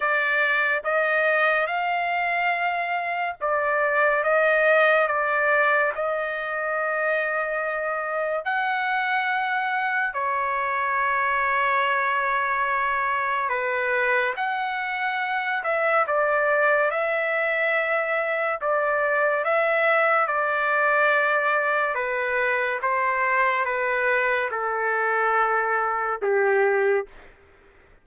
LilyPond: \new Staff \with { instrumentName = "trumpet" } { \time 4/4 \tempo 4 = 71 d''4 dis''4 f''2 | d''4 dis''4 d''4 dis''4~ | dis''2 fis''2 | cis''1 |
b'4 fis''4. e''8 d''4 | e''2 d''4 e''4 | d''2 b'4 c''4 | b'4 a'2 g'4 | }